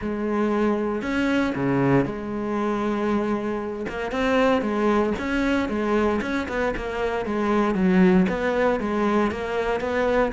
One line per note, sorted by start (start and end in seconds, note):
0.01 1.02 G#3
1.02 1.53 C#4
1.55 2.05 C#3
2.05 3.86 G#3
3.89 4.11 A#3
4.11 4.61 C4
4.61 5.13 G#3
5.19 5.68 C#4
5.68 6.20 G#3
6.21 6.47 C#4
6.48 6.74 B3
6.76 7.25 A#3
7.25 7.74 G#3
7.74 8.26 F#3
8.29 8.79 B3
8.79 9.31 G#3
9.31 9.80 A#3
9.80 10.32 B3